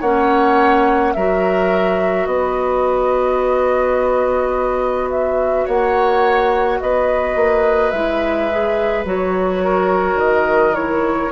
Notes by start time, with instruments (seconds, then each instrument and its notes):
0.00 bassoon A#3, clarinet C#4, oboe C#5, flute F#5
1.13 bassoon F#3, clarinet F#4, oboe A#4, flute E5
2.26 bassoon B3, oboe B4, flute D#5
5.11 flute E5
5.65 bassoon A#3, oboe C#5, flute F#5
6.81 bassoon B3, oboe B4, flute D#5
7.35 bassoon A#3
7.91 bassoon G#3, clarinet E4, flute E5
8.51 clarinet G#4
9.05 bassoon F#3, clarinet F#4, flute C#5
9.64 oboe A#4
10.15 bassoon D#3, flute D#5
10.74 clarinet E4, flute C#5